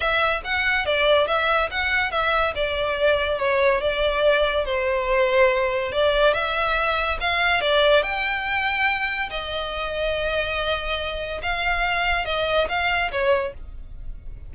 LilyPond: \new Staff \with { instrumentName = "violin" } { \time 4/4 \tempo 4 = 142 e''4 fis''4 d''4 e''4 | fis''4 e''4 d''2 | cis''4 d''2 c''4~ | c''2 d''4 e''4~ |
e''4 f''4 d''4 g''4~ | g''2 dis''2~ | dis''2. f''4~ | f''4 dis''4 f''4 cis''4 | }